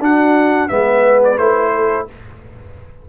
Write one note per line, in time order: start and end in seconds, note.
0.00 0.69 D4
0.00 0.69 F#4
0.00 0.68 F#5
0.68 1.37 G#3
0.68 1.38 B3
0.68 1.72 B4
0.68 1.20 E5
1.24 1.38 D5
1.37 2.06 A3
1.37 2.07 E4
1.37 2.07 C5
1.74 2.09 A4